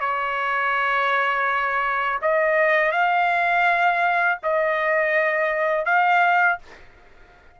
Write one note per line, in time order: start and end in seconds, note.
0.00 2.20 C#5
2.22 2.92 D#5
2.92 4.38 F5
4.43 5.85 D#5
5.85 6.59 F5